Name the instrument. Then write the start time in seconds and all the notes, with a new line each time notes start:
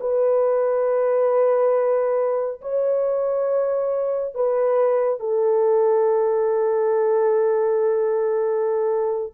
horn
0.00 B4
2.61 C#5
4.34 B4
5.20 A4